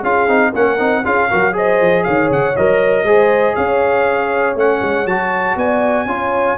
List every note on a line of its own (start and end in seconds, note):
0.00 0.28 C#4
0.00 0.28 F4
0.00 0.50 G#4
0.00 0.53 F5
0.28 0.53 C4
0.28 0.53 D#4
0.52 0.79 A#3
0.52 0.78 C#4
0.52 1.03 A#4
0.52 1.05 F#5
0.78 1.04 C4
0.78 1.03 D#4
1.03 1.30 C#4
1.03 1.29 F4
1.03 1.28 G#4
1.03 1.55 F5
1.29 1.80 F#3
1.29 1.52 F#4
1.29 1.54 A#4
1.52 2.53 G#4
1.52 2.04 C5
1.52 2.03 D#5
1.80 2.06 F3
2.03 2.30 D#3
2.03 3.05 C#5
2.03 2.28 F5
2.30 2.55 C#3
2.30 2.56 F#5
2.56 3.03 F#3
2.56 3.06 A#4
2.56 3.55 D#5
3.03 3.53 G#3
3.03 4.56 G#4
3.03 3.55 C5
3.55 4.55 C#4
3.55 5.56 C#5
3.55 4.56 F5
4.55 4.80 A3
4.55 5.06 C#4
4.55 5.07 F#5
4.82 5.05 G#3
5.05 5.55 F#3
5.05 6.07 F#4
5.05 5.57 A5
5.56 6.05 B3
5.56 6.08 D5
5.56 6.58 G#5
6.05 6.56 C#4
6.05 6.58 F4
6.05 6.58 C#5